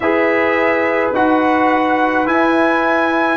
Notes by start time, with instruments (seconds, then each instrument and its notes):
0.00 tuba E4, trombone G#4, horn B4, trumpet E5
1.13 tuba D#4, trombone F#4, trumpet F#5
2.25 tuba E4, trombone E4, trumpet G#5